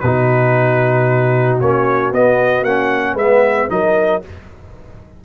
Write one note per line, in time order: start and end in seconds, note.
0.00 1.60 B2
0.00 1.63 D#4
0.00 3.13 F#4
0.00 1.58 B4
1.60 2.12 A#3
1.60 2.13 C#4
1.60 2.12 C#5
2.12 2.63 B3
2.12 2.66 B3
2.12 2.64 D#5
2.63 3.14 A#3
2.63 3.18 C#4
2.63 3.17 F#5
3.13 3.67 G#3
3.13 3.69 B3
3.13 3.65 B4
3.13 3.70 E5
3.69 4.23 F#3
3.69 4.21 D#4
3.69 4.24 A#4
3.69 4.23 D#5